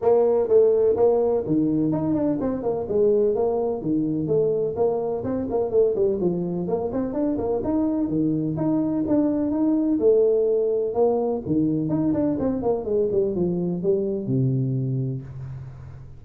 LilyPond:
\new Staff \with { instrumentName = "tuba" } { \time 4/4 \tempo 4 = 126 ais4 a4 ais4 dis4 | dis'8 d'8 c'8 ais8 gis4 ais4 | dis4 a4 ais4 c'8 ais8 | a8 g8 f4 ais8 c'8 d'8 ais8 |
dis'4 dis4 dis'4 d'4 | dis'4 a2 ais4 | dis4 dis'8 d'8 c'8 ais8 gis8 g8 | f4 g4 c2 | }